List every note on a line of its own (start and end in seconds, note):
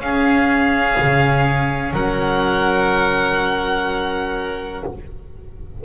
0.00 0.97 C#4
0.00 4.84 C#4
0.00 1.95 G#4
0.00 1.94 F5
1.00 1.94 C#3
1.94 4.84 F#3
1.94 4.85 A#4
1.94 4.84 F#5